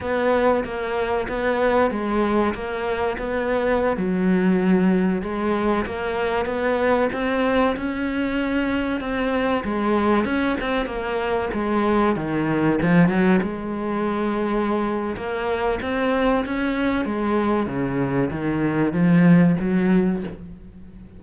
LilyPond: \new Staff \with { instrumentName = "cello" } { \time 4/4 \tempo 4 = 95 b4 ais4 b4 gis4 | ais4 b4~ b16 fis4.~ fis16~ | fis16 gis4 ais4 b4 c'8.~ | c'16 cis'2 c'4 gis8.~ |
gis16 cis'8 c'8 ais4 gis4 dis8.~ | dis16 f8 fis8 gis2~ gis8. | ais4 c'4 cis'4 gis4 | cis4 dis4 f4 fis4 | }